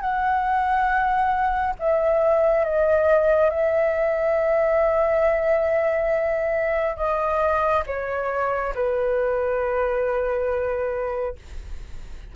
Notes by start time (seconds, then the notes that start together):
0.00 F#5
1.79 E5
2.64 D#5
3.50 E5
6.96 D#5
7.86 C#5
8.74 B4